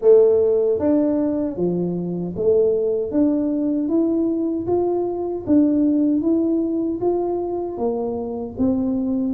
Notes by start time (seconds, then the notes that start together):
0.01 A3
0.79 D4
1.56 F3
2.36 A3
3.11 D4
3.88 E4
4.66 F4
5.46 D4
6.21 E4
7.01 F4
7.77 A#3
8.57 C4